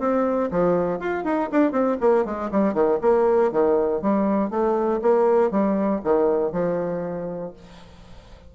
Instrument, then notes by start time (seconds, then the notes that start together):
bassoon
0.00 C4
0.51 F3
1.00 F4
1.25 D#4
1.52 D4
1.72 C4
2.01 A#3
2.25 G#3
2.52 G3
2.74 D#3
3.02 A#3
3.52 D#3
4.02 G3
4.51 A3
5.02 A#3
5.51 G3
6.04 D#3
6.52 F3